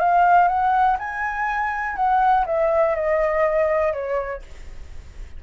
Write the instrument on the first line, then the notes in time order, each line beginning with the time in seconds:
flute
0.00 F5
0.48 F#5
0.99 G#5
1.96 F#5
2.46 E5
2.96 D#5
3.93 C#5